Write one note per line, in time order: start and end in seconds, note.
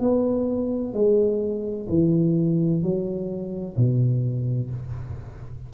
0.00 0.94 B3
0.94 1.87 G#3
1.89 2.83 E3
2.83 3.76 F#3
3.77 4.70 B2